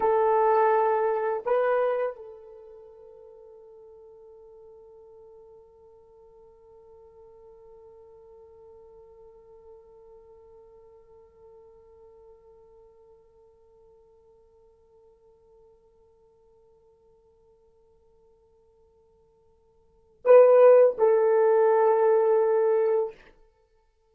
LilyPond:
\new Staff \with { instrumentName = "horn" } { \time 4/4 \tempo 4 = 83 a'2 b'4 a'4~ | a'1~ | a'1~ | a'1~ |
a'1~ | a'1~ | a'1 | b'4 a'2. | }